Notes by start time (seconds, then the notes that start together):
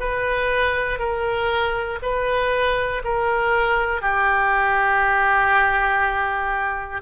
0.00 B4
0.99 A#4
2.02 B4
3.04 A#4
4.01 G4